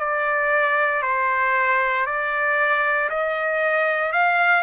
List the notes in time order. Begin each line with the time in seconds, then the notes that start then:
0.00 D5
1.03 C5
2.06 D5
3.10 D#5
4.13 F5